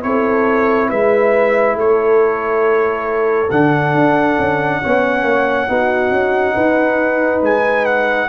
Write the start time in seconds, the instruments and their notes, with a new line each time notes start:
0.00 tuba C4, trombone E4, horn A4, trumpet C#5
0.89 tuba G#3, horn B4, trumpet E5
1.75 tuba A3, horn A4, trumpet C#5
3.51 tuba D3, trombone D4, trumpet F#5
3.94 tuba D4
4.39 tuba C#4
4.82 tuba B3, trombone C#4, horn C#5
5.23 tuba A#3
5.69 tuba B3, trombone D#4, horn F#4
6.11 tuba C#4
6.55 tuba D#4, horn B4
7.42 tuba G#3, trumpet G#5
7.86 trumpet F#5